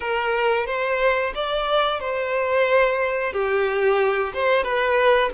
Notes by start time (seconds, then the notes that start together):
0.00 A#4
0.66 C5
1.35 D5
2.00 C5
3.32 G4
4.33 C5
4.63 B4